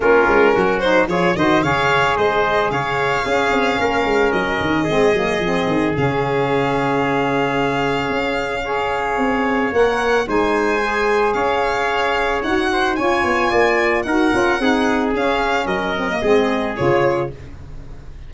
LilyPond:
<<
  \new Staff \with { instrumentName = "violin" } { \time 4/4 \tempo 4 = 111 ais'4. c''8 cis''8 dis''8 f''4 | dis''4 f''2. | dis''2. f''4~ | f''1~ |
f''2 fis''4 gis''4~ | gis''4 f''2 fis''4 | gis''2 fis''2 | f''4 dis''2 cis''4 | }
  \new Staff \with { instrumentName = "trumpet" } { \time 4/4 f'4 fis'4 gis'8 c''8 cis''4 | c''4 cis''4 gis'4 ais'4~ | ais'4 gis'2.~ | gis'1 |
cis''2. c''4~ | c''4 cis''2~ cis''8 c''8 | cis''4 d''4 ais'4 gis'4~ | gis'4 ais'4 gis'2 | }
  \new Staff \with { instrumentName = "saxophone" } { \time 4/4 cis'4. dis'8 f'8 fis'8 gis'4~ | gis'2 cis'2~ | cis'4 c'8 ais8 c'4 cis'4~ | cis'1 |
gis'2 ais'4 dis'4 | gis'2. fis'4 | f'2 fis'8 f'8 dis'4 | cis'4. c'16 ais16 c'4 f'4 | }
  \new Staff \with { instrumentName = "tuba" } { \time 4/4 ais8 gis8 fis4 f8 dis8 cis4 | gis4 cis4 cis'8 c'8 ais8 gis8 | fis8 dis8 gis8 fis8 f8 dis8 cis4~ | cis2. cis'4~ |
cis'4 c'4 ais4 gis4~ | gis4 cis'2 dis'4 | cis'8 b8 ais4 dis'8 cis'8 c'4 | cis'4 fis4 gis4 cis4 | }
>>